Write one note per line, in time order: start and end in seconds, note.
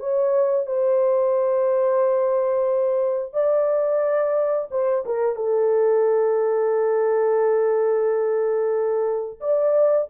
0.00 0.67 C#5
0.67 3.34 C5
3.34 4.69 D5
4.71 5.05 C5
5.06 5.36 A#4
5.36 9.40 A4
9.41 10.08 D5